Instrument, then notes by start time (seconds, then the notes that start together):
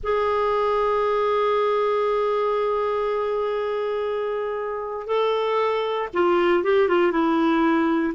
clarinet
0.03 G#4
5.06 A4
6.13 F4
6.63 G4
6.88 F4
7.11 E4